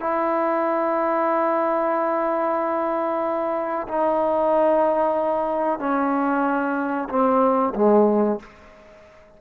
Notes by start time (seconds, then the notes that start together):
0.00 E4
3.88 D#4
5.79 C#4
7.09 C4
7.75 G#3